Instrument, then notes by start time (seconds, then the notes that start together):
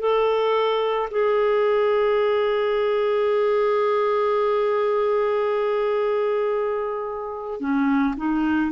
clarinet
0.00 A4
1.11 G#4
7.60 C#4
8.17 D#4